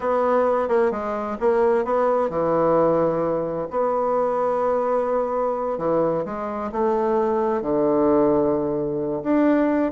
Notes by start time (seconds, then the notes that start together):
0.00 B3
0.68 A#3
0.91 G#3
1.40 A#3
1.84 B3
2.29 E3
3.70 B3
5.78 E3
6.25 G#3
6.72 A3
7.61 D3
9.23 D4